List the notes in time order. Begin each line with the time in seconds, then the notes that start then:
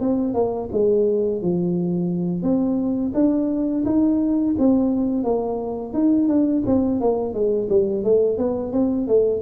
0.00 C4
0.34 A#3
0.72 G#3
1.42 F3
2.42 C4
3.14 D4
3.85 D#4
4.58 C4
5.24 A#3
5.93 D#4
6.28 D4
6.66 C4
7.00 A#3
7.34 G#3
7.69 G3
8.04 A3
8.38 B3
8.72 C4
9.07 A3